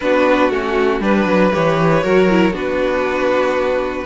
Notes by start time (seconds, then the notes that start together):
0.00 B3 D4 F#4 B4
0.50 A3 C#4 F#4
1.00 G3 D4 B4
1.25 F#3
1.52 E3 G4 C#5
2.03 F#3 F#4 A#4
2.29 E4
2.51 B3 D4 F#4 B4